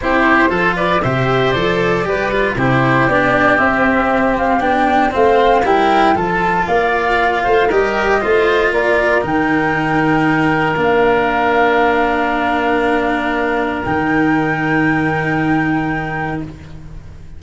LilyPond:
<<
  \new Staff \with { instrumentName = "flute" } { \time 4/4 \tempo 4 = 117 c''4. d''8 e''4 d''4~ | d''4 c''4 d''4 e''4~ | e''8 f''8 g''4 f''4 g''4 | a''4 f''2 dis''4~ |
dis''4 d''4 g''2~ | g''4 f''2.~ | f''2. g''4~ | g''1 | }
  \new Staff \with { instrumentName = "oboe" } { \time 4/4 g'4 a'8 b'8 c''2 | b'4 g'2.~ | g'2 c''4 ais'4 | a'4 d''4. c''8 ais'4 |
c''4 ais'2.~ | ais'1~ | ais'1~ | ais'1 | }
  \new Staff \with { instrumentName = "cello" } { \time 4/4 e'4 f'4 g'4 a'4 | g'8 f'8 e'4 d'4 c'4~ | c'4 d'4 c'4 e'4 | f'2. g'4 |
f'2 dis'2~ | dis'4 d'2.~ | d'2. dis'4~ | dis'1 | }
  \new Staff \with { instrumentName = "tuba" } { \time 4/4 c'4 f4 c4 f4 | g4 c4 b4 c'4~ | c'4 b4 a4 g4 | f4 ais4. a8 g4 |
a4 ais4 dis2~ | dis4 ais2.~ | ais2. dis4~ | dis1 | }
>>